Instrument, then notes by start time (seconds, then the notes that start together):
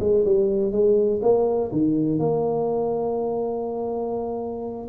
tuba
0.00 G#3
0.25 G3
0.72 G#3
1.22 A#3
1.72 D#3
2.19 A#3